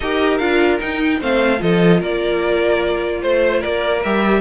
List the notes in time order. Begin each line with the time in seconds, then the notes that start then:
0.00 D#4 G4 A#4 D#5
0.37 D4 F4 F5
0.79 D#4 G5
1.20 A3 C4 C5 F5
1.57 F3 F4 A4 D#5
2.00 A#3 A#4 D5
3.22 A3 C5
3.59 A#3 A#4 D5
4.03 G3 G4 E5